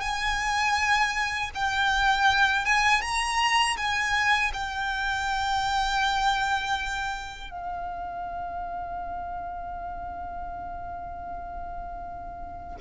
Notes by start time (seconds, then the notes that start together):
0.00 G#5
1.54 G5
2.65 G#5
3.01 A#5
3.77 G#5
4.53 G5
7.50 F5